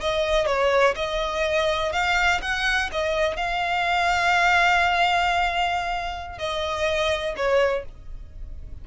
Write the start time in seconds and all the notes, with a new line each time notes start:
0.00 D#5
0.46 C#5
0.95 D#5
1.92 F5
2.41 F#5
2.92 D#5
3.36 F5
6.38 D#5
7.36 C#5